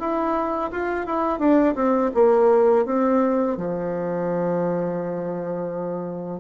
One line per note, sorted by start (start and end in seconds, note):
0.00 0.71 E4
0.72 1.06 F4
1.06 1.39 E4
1.39 1.75 D4
1.75 2.11 C4
2.15 2.86 A#3
2.86 3.57 C4
3.57 6.40 F3